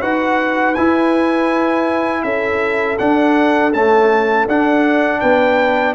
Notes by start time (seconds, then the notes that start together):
0.00 D#4 F#4 B4 F#5
0.75 E4 G#5
2.23 C#4 A4 E5
2.98 D4 F#5
3.73 A3 C#4 A5
4.48 D4 F#5
5.20 B3 B4 G5